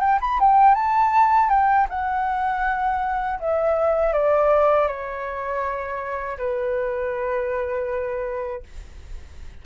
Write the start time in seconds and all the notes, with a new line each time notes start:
0.00 G5
0.20 B5
0.40 G5
0.74 A5
1.49 G5
1.89 F#5
3.40 E5
4.13 D5
4.87 C#5
6.38 B4